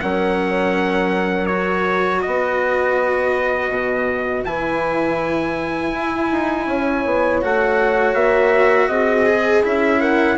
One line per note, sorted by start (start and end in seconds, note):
0.00 2.25 F#3
0.00 1.49 C#4
0.00 2.23 A#4
0.00 1.46 F#5
1.46 4.45 F#4
1.46 2.20 C#5
2.21 3.69 B3
2.21 6.65 B4
2.21 4.43 D#5
3.69 4.43 B2
4.44 5.93 E3
4.44 7.42 E4
4.44 7.41 G#5
5.93 6.30 E4
6.31 6.66 D#4
6.65 7.03 C#4
6.65 8.88 C#5
7.05 7.42 B3
7.42 8.14 A3
7.42 9.26 F#4
7.42 8.14 F#5
8.14 8.88 A#3
8.14 8.88 E5
8.88 9.62 C4
8.88 10.00 G#4
8.88 9.62 D#5
9.26 9.63 G#4
9.63 10.38 C#4
9.63 10.37 E4
9.63 10.00 E5
10.00 10.37 A#4
10.00 10.37 F#5